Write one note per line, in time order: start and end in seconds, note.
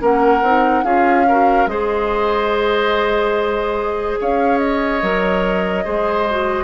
0.00 0.42 A#3
0.00 0.42 C#4
0.00 0.85 A#4
0.00 0.85 F#5
0.42 0.84 C4
0.42 0.85 D#4
0.84 1.67 C#4
0.84 1.26 F4
0.84 1.26 G#4
0.84 1.67 F5
1.28 1.69 F#4
1.28 1.70 A#4
1.67 4.17 G#3
1.67 5.02 G#4
1.67 4.20 C5
1.67 4.17 D#5
4.21 5.03 C#4
4.21 5.85 C#5
4.21 4.58 F5
4.58 6.64 D#5
5.02 5.86 F#3
5.02 5.85 A#4
5.85 6.64 G#3
5.85 6.27 G#4
5.85 6.64 C5
6.31 6.64 F#4